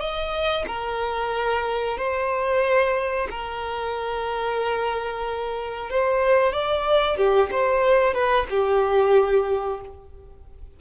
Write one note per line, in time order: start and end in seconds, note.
0.00 0.65 D#5
0.67 1.97 A#4
1.97 3.28 C5
3.31 5.90 A#4
5.90 6.53 C5
6.53 7.17 D5
7.17 7.50 G4
7.51 8.14 C5
8.14 8.47 B4
8.50 9.80 G4